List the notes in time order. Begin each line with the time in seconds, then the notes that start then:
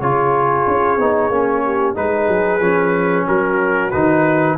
0.00 C#3 F4 G#4 C#5
0.67 C#4
0.97 B3 D#4
1.29 A#3 C#4
1.64 G4
1.94 G#3 D#4 G#4 B4
2.27 F#3
2.60 F3 C#4
3.26 F#3 F#4 A#4
3.90 D#3 D#4 B4